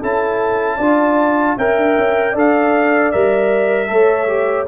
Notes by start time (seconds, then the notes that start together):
0.00 C#4 E4 A4 A5
0.77 D4 F4 D5
1.58 C#4 A#4 E5 G5
1.78 D4
1.98 C#4
2.33 D4 A4 D5
2.39 F5
3.12 G3 A#4 E5
3.89 A3 A4 C#5
4.28 G4